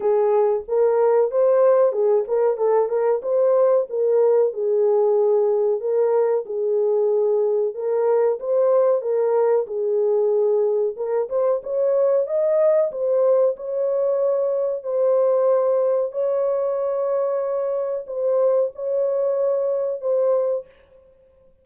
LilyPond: \new Staff \with { instrumentName = "horn" } { \time 4/4 \tempo 4 = 93 gis'4 ais'4 c''4 gis'8 ais'8 | a'8 ais'8 c''4 ais'4 gis'4~ | gis'4 ais'4 gis'2 | ais'4 c''4 ais'4 gis'4~ |
gis'4 ais'8 c''8 cis''4 dis''4 | c''4 cis''2 c''4~ | c''4 cis''2. | c''4 cis''2 c''4 | }